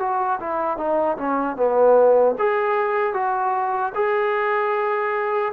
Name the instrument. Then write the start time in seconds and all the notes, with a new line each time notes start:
trombone
0.00 F#4
0.41 E4
0.78 D#4
1.18 C#4
1.57 B3
2.39 G#4
3.14 F#4
3.95 G#4